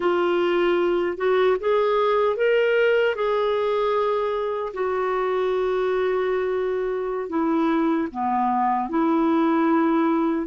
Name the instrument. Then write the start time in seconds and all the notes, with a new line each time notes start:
clarinet
0.00 F4
1.17 F#4
1.60 G#4
2.36 A#4
3.15 G#4
4.73 F#4
7.28 E4
8.11 B3
8.89 E4